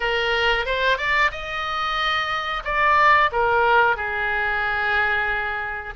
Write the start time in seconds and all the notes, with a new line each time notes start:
0.00 A#4
0.65 C5
0.97 D5
1.31 D#5
2.64 D5
3.31 A#4
3.96 G#4